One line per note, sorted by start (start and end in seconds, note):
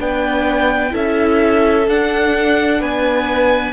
0.00 0.94 B3
0.00 0.91 D4
0.00 0.93 B4
0.00 0.95 G5
0.91 1.88 C#4
0.91 1.85 E4
0.91 2.80 A4
0.91 1.89 E5
1.88 2.82 D4
1.88 3.73 D4
1.88 2.82 F#5
2.80 3.73 B3
2.80 3.73 B4
2.80 3.73 G#5